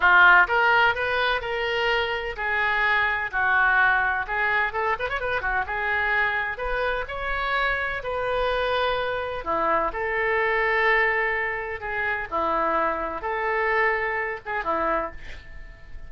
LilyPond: \new Staff \with { instrumentName = "oboe" } { \time 4/4 \tempo 4 = 127 f'4 ais'4 b'4 ais'4~ | ais'4 gis'2 fis'4~ | fis'4 gis'4 a'8 b'16 cis''16 b'8 fis'8 | gis'2 b'4 cis''4~ |
cis''4 b'2. | e'4 a'2.~ | a'4 gis'4 e'2 | a'2~ a'8 gis'8 e'4 | }